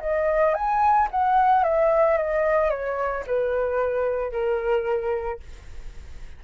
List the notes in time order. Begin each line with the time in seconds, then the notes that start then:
0.00 D#5
0.54 G#5
1.11 F#5
1.63 E5
2.17 D#5
2.70 C#5
3.27 B4
4.32 A#4